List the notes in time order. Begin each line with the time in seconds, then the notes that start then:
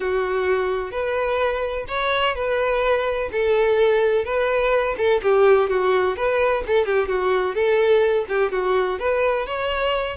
0.00 F#4
0.91 B4
1.88 C#5
2.35 B4
3.32 A4
4.25 B4
4.97 A4
5.22 G4
5.69 F#4
6.16 B4
6.66 A4
6.85 G4
7.08 F#4
7.54 A4
8.28 G4
8.51 F#4
8.99 B4
9.46 C#5